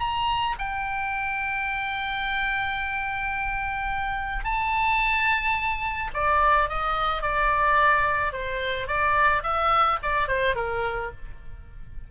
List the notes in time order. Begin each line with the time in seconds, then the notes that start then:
0.00 A#5
0.58 G5
4.44 A5
6.14 D5
6.69 D#5
7.22 D5
8.33 C5
8.87 D5
9.43 E5
10.03 D5
10.28 C5
10.55 A#4